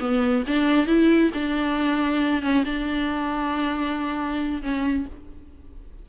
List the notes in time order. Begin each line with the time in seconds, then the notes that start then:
0.00 B3
0.48 D4
0.87 E4
1.34 D4
2.42 C#4
2.65 D4
4.62 C#4